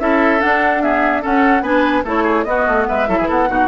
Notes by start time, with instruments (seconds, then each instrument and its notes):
0.00 bassoon C#4, clarinet E4, oboe A4, flute E5
0.40 clarinet D4, bassoon D4, flute F#5
0.82 clarinet B3, oboe G#4, flute E5
1.21 clarinet C#4, bassoon C#4, oboe A4, flute F#5
1.62 bassoon B3, clarinet D4, oboe B4, flute G#5
2.05 bassoon A3, clarinet E4, oboe A4, flute C#5
2.23 oboe G#4
2.44 clarinet B3, bassoon B3, oboe F#4, flute D#5
2.67 bassoon A3
2.88 bassoon G#3, oboe B4, flute E5
3.07 bassoon F#3, clarinet E4, oboe A4
3.18 bassoon E3, oboe G#4
3.28 bassoon B3, oboe A4, flute F#5
3.48 bassoon B2, clarinet D#4, oboe F#4